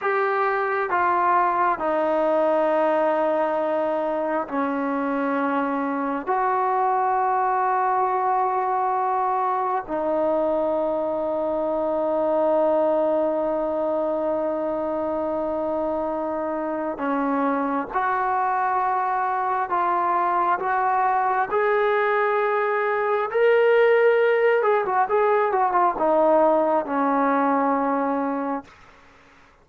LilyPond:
\new Staff \with { instrumentName = "trombone" } { \time 4/4 \tempo 4 = 67 g'4 f'4 dis'2~ | dis'4 cis'2 fis'4~ | fis'2. dis'4~ | dis'1~ |
dis'2. cis'4 | fis'2 f'4 fis'4 | gis'2 ais'4. gis'16 fis'16 | gis'8 fis'16 f'16 dis'4 cis'2 | }